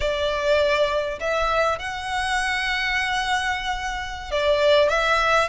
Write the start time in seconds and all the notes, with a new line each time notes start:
0.00 D5
1.20 E5
1.78 F#5
4.31 D5
4.89 E5